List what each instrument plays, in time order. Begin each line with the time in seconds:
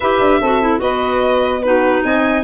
0.00 tuba E4, clarinet G4, saxophone B4, violin E5
0.19 tuba D4
0.40 tuba C4, clarinet F#4, saxophone A4
0.61 clarinet E4
0.78 tuba B3, clarinet F#4, saxophone B4, violin D#5
1.62 clarinet D#4, saxophone F#4, violin B4
2.03 tuba C4, saxophone D#5, violin G#5